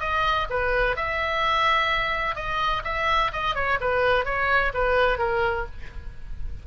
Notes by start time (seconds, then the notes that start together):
0.00 D#5
0.50 B4
0.96 E5
2.35 D#5
2.84 E5
3.32 D#5
3.55 C#5
3.81 B4
4.25 C#5
4.74 B4
5.18 A#4